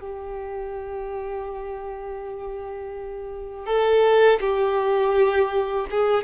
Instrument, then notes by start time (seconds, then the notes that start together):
violin
0.00 G4
3.66 A4
4.40 G4
5.90 G#4